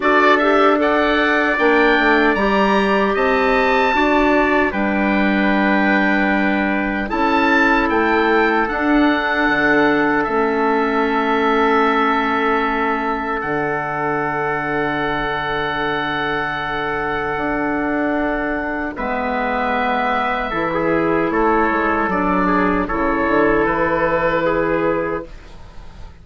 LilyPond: <<
  \new Staff \with { instrumentName = "oboe" } { \time 4/4 \tempo 4 = 76 d''8 e''8 fis''4 g''4 ais''4 | a''2 g''2~ | g''4 a''4 g''4 fis''4~ | fis''4 e''2.~ |
e''4 fis''2.~ | fis''1 | e''2. cis''4 | d''4 cis''4 b'2 | }
  \new Staff \with { instrumentName = "trumpet" } { \time 4/4 a'4 d''2. | dis''4 d''4 b'2~ | b'4 a'2.~ | a'1~ |
a'1~ | a'1 | b'2 a'16 gis'8. a'4~ | a'8 gis'8 a'2 gis'4 | }
  \new Staff \with { instrumentName = "clarinet" } { \time 4/4 fis'8 g'8 a'4 d'4 g'4~ | g'4 fis'4 d'2~ | d'4 e'2 d'4~ | d'4 cis'2.~ |
cis'4 d'2.~ | d'1 | b2 e'2 | d'4 e'2. | }
  \new Staff \with { instrumentName = "bassoon" } { \time 4/4 d'2 ais8 a8 g4 | c'4 d'4 g2~ | g4 cis'4 a4 d'4 | d4 a2.~ |
a4 d2.~ | d2 d'2 | gis2 e4 a8 gis8 | fis4 cis8 d8 e2 | }
>>